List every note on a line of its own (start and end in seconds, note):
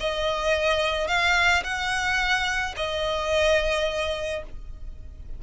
0.00 1.08 D#5
1.08 1.63 F5
1.64 2.75 F#5
2.77 4.43 D#5